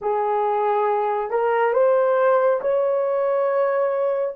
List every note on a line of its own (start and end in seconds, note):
0.01 1.30 G#4
1.30 1.73 A#4
1.73 2.60 C5
2.61 4.35 C#5